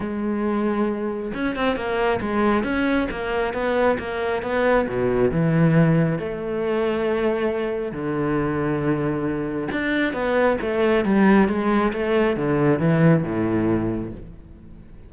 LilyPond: \new Staff \with { instrumentName = "cello" } { \time 4/4 \tempo 4 = 136 gis2. cis'8 c'8 | ais4 gis4 cis'4 ais4 | b4 ais4 b4 b,4 | e2 a2~ |
a2 d2~ | d2 d'4 b4 | a4 g4 gis4 a4 | d4 e4 a,2 | }